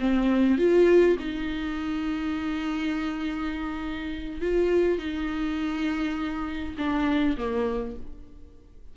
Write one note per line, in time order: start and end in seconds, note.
0.00 0.58 C4
0.58 1.17 F4
1.20 4.41 D#4
4.41 4.98 F4
4.98 6.75 D#4
6.78 7.37 D4
7.37 7.96 A#3